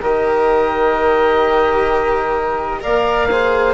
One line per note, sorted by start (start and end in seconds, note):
0.00 2.85 D#3
0.00 2.81 G4
0.00 2.81 A#4
0.00 2.83 D#5
2.81 3.74 A#3
2.81 3.28 A#4
2.81 3.29 D5
2.81 3.74 F5
3.30 3.74 G#4
3.30 3.74 C5